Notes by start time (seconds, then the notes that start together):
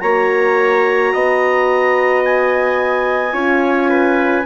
0.00 A#3 F#4 C#5 A#5
1.13 B3 D#5
2.25 G#5
3.33 C#4 F4 C#5
3.89 B4